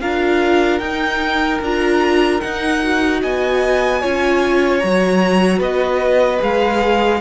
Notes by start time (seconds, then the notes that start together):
0.00 D4 F4 A#4 F5
0.79 D#4 G5
1.61 D4 F4 A#5
2.41 D#4 F#5
2.83 F#4
3.22 B3 D#5 G#5
4.01 C#4 F4 C#5
4.79 F#3 F#4 A#5
5.58 B3 B4 D#5
6.38 G#3 G#4 F5